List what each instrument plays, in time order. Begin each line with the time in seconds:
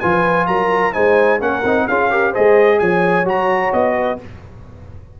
0.00 tuba F3, trombone F4, horn B4, trumpet G#5
0.47 tuba F#3, horn A#4, trumpet A#5
0.93 tuba G#3, trombone D#4, horn C5, trumpet G#5
1.39 tuba A#3, trombone C#4, horn A#4, trumpet F#5
1.64 tuba C4, trombone D#4
1.87 tuba C#4, trombone F4, horn G#4, trumpet F5
2.11 trombone G4, horn A#4
2.31 trombone G#4, horn C5, trumpet D#5
2.38 tuba G#3
2.79 tuba F3, horn C#5, trumpet G#5
3.25 tuba F#3, trombone F#4, trumpet A#5
3.73 tuba B3, trumpet D#5
3.96 horn B4